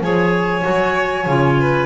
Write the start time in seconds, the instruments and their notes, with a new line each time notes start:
0.00 double bass F3, clarinet G#4, violin C#5, flute G#5
0.62 double bass F#3, clarinet F#4
1.26 double bass C#3, clarinet F4
1.60 violin B4